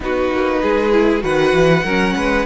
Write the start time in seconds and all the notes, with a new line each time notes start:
0.00 B3 D#4 F#4 B4
0.31 A#3
0.61 G#3 G#4
0.91 E4
1.20 D#3 F#4 B4 F#5
1.52 E3
1.83 F#3 C#4 A#4
2.15 G#3 B4